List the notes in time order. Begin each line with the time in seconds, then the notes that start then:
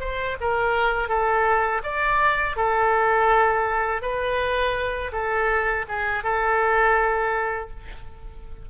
0.00 C5
0.41 A#4
1.09 A4
1.84 D5
2.56 A4
4.02 B4
5.13 A4
5.88 G#4
6.24 A4